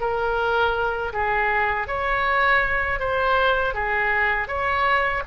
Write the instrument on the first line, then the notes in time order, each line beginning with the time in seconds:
oboe
0.00 A#4
1.13 G#4
1.87 C#5
2.99 C5
3.74 G#4
4.48 C#5